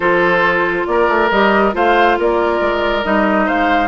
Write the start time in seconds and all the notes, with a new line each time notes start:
0.00 F3 F4 A4 C5
0.86 A#3 A#4 D5
1.08 A3
1.31 G3 G4 D#5
1.72 A3 F4 C5 F5
2.18 A#3 A#4 D5
2.60 G#3
3.03 G3 D#4 D#5
3.45 G#3 C5 F5